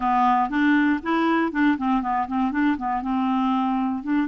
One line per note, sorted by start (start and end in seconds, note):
0.00 0.49 B3
0.49 1.00 D4
1.02 1.52 E4
1.52 1.77 D4
1.77 2.02 C4
2.02 2.27 B3
2.27 2.51 C4
2.51 2.77 D4
2.77 3.02 B3
3.02 4.03 C4
4.03 4.27 D4